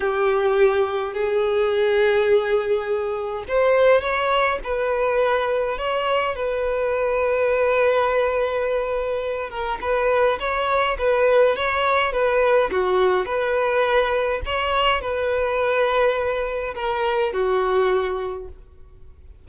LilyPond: \new Staff \with { instrumentName = "violin" } { \time 4/4 \tempo 4 = 104 g'2 gis'2~ | gis'2 c''4 cis''4 | b'2 cis''4 b'4~ | b'1~ |
b'8 ais'8 b'4 cis''4 b'4 | cis''4 b'4 fis'4 b'4~ | b'4 cis''4 b'2~ | b'4 ais'4 fis'2 | }